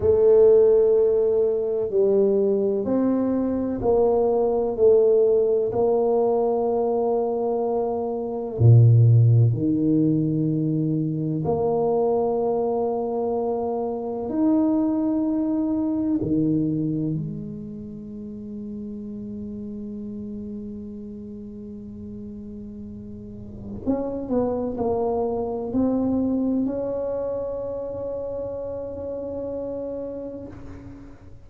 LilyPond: \new Staff \with { instrumentName = "tuba" } { \time 4/4 \tempo 4 = 63 a2 g4 c'4 | ais4 a4 ais2~ | ais4 ais,4 dis2 | ais2. dis'4~ |
dis'4 dis4 gis2~ | gis1~ | gis4 cis'8 b8 ais4 c'4 | cis'1 | }